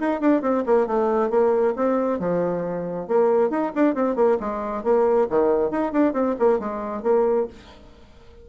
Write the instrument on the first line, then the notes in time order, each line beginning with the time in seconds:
bassoon
0.00 D#4
0.20 D4
0.42 C4
0.66 A#3
0.87 A3
1.30 A#3
1.76 C4
2.19 F3
3.08 A#3
3.50 D#4
3.76 D4
3.95 C4
4.16 A#3
4.40 G#3
4.84 A#3
5.30 D#3
5.71 D#4
5.93 D4
6.13 C4
6.40 A#3
6.60 G#3
7.03 A#3